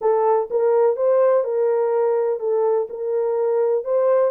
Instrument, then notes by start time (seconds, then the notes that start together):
horn
0.01 A4
0.50 A#4
0.96 C5
1.44 A#4
2.39 A4
2.89 A#4
3.84 C5